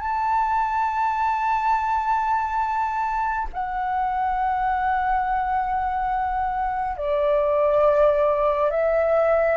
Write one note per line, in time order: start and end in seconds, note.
0.00 3.48 A5
3.53 6.97 F#5
6.97 8.71 D5
8.71 9.57 E5